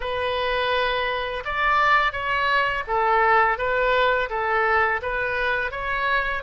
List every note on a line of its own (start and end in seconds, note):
0.00 1.43 B4
1.44 2.12 D5
2.12 2.83 C#5
2.87 3.57 A4
3.57 4.29 B4
4.29 5.01 A4
5.02 5.71 B4
5.71 6.43 C#5